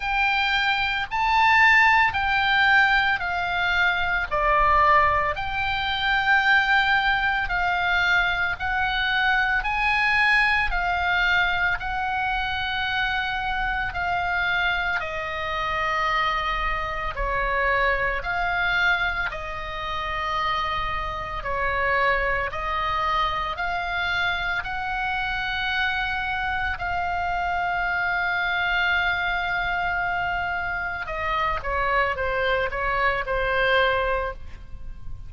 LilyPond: \new Staff \with { instrumentName = "oboe" } { \time 4/4 \tempo 4 = 56 g''4 a''4 g''4 f''4 | d''4 g''2 f''4 | fis''4 gis''4 f''4 fis''4~ | fis''4 f''4 dis''2 |
cis''4 f''4 dis''2 | cis''4 dis''4 f''4 fis''4~ | fis''4 f''2.~ | f''4 dis''8 cis''8 c''8 cis''8 c''4 | }